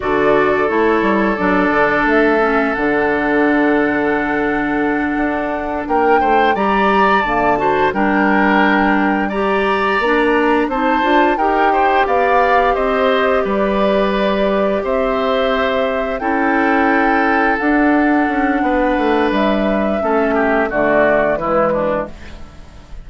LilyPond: <<
  \new Staff \with { instrumentName = "flute" } { \time 4/4 \tempo 4 = 87 d''4 cis''4 d''4 e''4 | fis''1~ | fis''8 g''4 ais''4 a''4 g''8~ | g''4. ais''2 a''8~ |
a''8 g''4 f''4 dis''4 d''8~ | d''4. e''2 g''8~ | g''4. fis''2~ fis''8 | e''2 d''4 b'4 | }
  \new Staff \with { instrumentName = "oboe" } { \time 4/4 a'1~ | a'1~ | a'8 ais'8 c''8 d''4. c''8 ais'8~ | ais'4. d''2 c''8~ |
c''8 ais'8 c''8 d''4 c''4 b'8~ | b'4. c''2 a'8~ | a'2. b'4~ | b'4 a'8 g'8 fis'4 e'8 d'8 | }
  \new Staff \with { instrumentName = "clarinet" } { \time 4/4 fis'4 e'4 d'4. cis'8 | d'1~ | d'4. g'4 ais8 fis'8 d'8~ | d'4. g'4 d'4 dis'8 |
f'8 g'2.~ g'8~ | g'2.~ g'8 e'8~ | e'4. d'2~ d'8~ | d'4 cis'4 a4 gis4 | }
  \new Staff \with { instrumentName = "bassoon" } { \time 4/4 d4 a8 g8 fis8 d8 a4 | d2.~ d8 d'8~ | d'8 ais8 a8 g4 d4 g8~ | g2~ g8 ais4 c'8 |
d'8 dis'4 b4 c'4 g8~ | g4. c'2 cis'8~ | cis'4. d'4 cis'8 b8 a8 | g4 a4 d4 e4 | }
>>